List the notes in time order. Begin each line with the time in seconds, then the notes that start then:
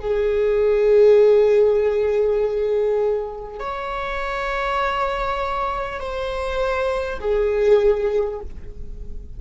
0.00 G#4
3.59 C#5
6.00 C5
7.21 G#4